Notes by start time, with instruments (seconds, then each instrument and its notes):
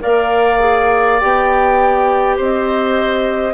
0.00 bassoon A#3, clarinet A#4, oboe D5, flute F5
0.59 clarinet G#4
1.19 bassoon B3, clarinet G4, flute G5
2.37 bassoon C4, oboe C5, flute D#5